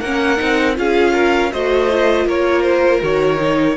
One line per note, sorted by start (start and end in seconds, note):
0.00 0.39 A#3
0.00 0.37 C#4
0.00 0.75 A#4
0.00 0.75 F#5
0.37 0.78 C4
0.37 0.74 D#4
0.75 1.53 C#4
0.75 1.50 F4
0.75 1.13 G#4
0.75 1.52 F5
1.13 1.51 A#4
1.52 2.26 A3
1.52 1.89 F#4
1.52 2.26 C5
1.52 2.27 D#5
1.91 3.02 F4
2.26 3.01 A#3
2.26 3.76 A#4
2.26 2.62 C#5
2.62 3.00 C5
3.02 3.76 D#3
3.02 3.37 F#4
3.02 3.76 C#5
3.37 3.75 D#4